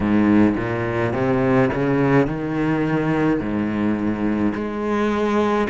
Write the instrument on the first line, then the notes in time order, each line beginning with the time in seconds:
cello
0.00 G#2
0.56 A#2
1.13 C3
1.73 C#3
2.26 D#3
3.40 G#2
4.54 G#3